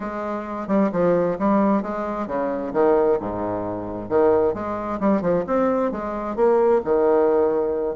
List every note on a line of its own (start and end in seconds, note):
0.00 0.67 G#3
0.67 0.90 G3
0.92 1.37 F3
1.38 1.82 G3
1.82 2.27 G#3
2.27 2.73 C#3
2.73 3.18 D#3
3.19 4.09 G#2
4.09 4.54 D#3
4.54 4.99 G#3
4.99 5.21 G3
5.21 5.44 F3
5.46 5.91 C4
5.91 6.36 G#3
6.36 6.81 A#3
6.84 7.95 D#3